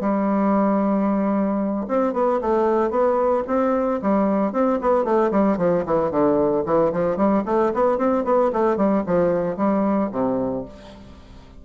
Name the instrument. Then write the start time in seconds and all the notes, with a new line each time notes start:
bassoon
0.00 G3
1.88 C4
2.13 B3
2.41 A3
2.90 B3
3.47 C4
4.02 G3
4.52 C4
4.81 B3
5.04 A3
5.31 G3
5.57 F3
5.85 E3
6.10 D3
6.65 E3
6.92 F3
7.16 G3
7.45 A3
7.74 B3
7.98 C4
8.24 B3
8.52 A3
8.76 G3
9.06 F3
9.56 G3
10.12 C3